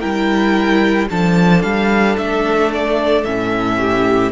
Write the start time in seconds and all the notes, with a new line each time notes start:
0.00 G3 E4 A#4 G5
1.10 F3 D4 A4 A5
1.62 G3 F5
2.18 A3 E5
2.73 D5
3.25 A2 C#4 E5
3.79 G4